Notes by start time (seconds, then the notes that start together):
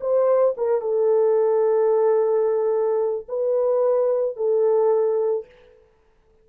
0.00 C5
0.57 A#4
0.81 A4
3.28 B4
4.36 A4